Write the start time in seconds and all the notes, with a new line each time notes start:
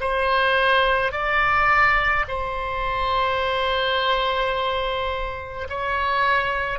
0.00 C5
1.12 D5
2.28 C5
5.69 C#5